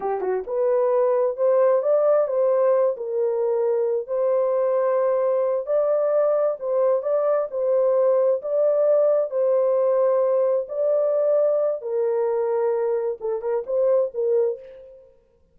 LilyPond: \new Staff \with { instrumentName = "horn" } { \time 4/4 \tempo 4 = 132 g'8 fis'8 b'2 c''4 | d''4 c''4. ais'4.~ | ais'4 c''2.~ | c''8 d''2 c''4 d''8~ |
d''8 c''2 d''4.~ | d''8 c''2. d''8~ | d''2 ais'2~ | ais'4 a'8 ais'8 c''4 ais'4 | }